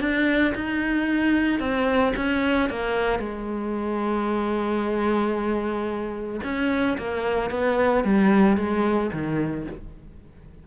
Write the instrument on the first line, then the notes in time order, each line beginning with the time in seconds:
cello
0.00 D4
0.55 D#4
1.60 C4
2.16 C#4
2.70 A#3
3.19 G#3
6.44 C#4
6.98 A#3
7.50 B3
8.04 G3
8.57 G#3
9.13 D#3